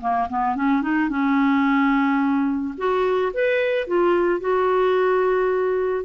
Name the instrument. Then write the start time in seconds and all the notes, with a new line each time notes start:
clarinet
0.00 A#3
0.29 B3
0.55 C#4
0.82 D#4
1.09 C#4
2.77 F#4
3.33 B4
3.87 F4
4.40 F#4